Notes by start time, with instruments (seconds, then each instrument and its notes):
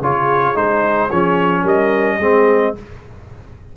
0.00 tuba C#3, trombone F4, horn G#4, trumpet C#5
0.54 tuba G#3, trombone D#4, trumpet C5
1.10 tuba F3, trombone C#4, trumpet C#5
1.62 tuba G3, horn A#4, trumpet D#5
2.17 tuba G#3, trombone C4, horn G#4